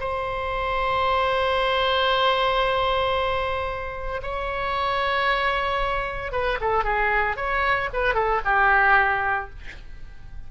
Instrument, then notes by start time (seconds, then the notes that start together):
oboe
0.00 C5
4.22 C#5
6.32 B4
6.61 A4
6.84 G#4
7.36 C#5
7.93 B4
8.14 A4
8.45 G4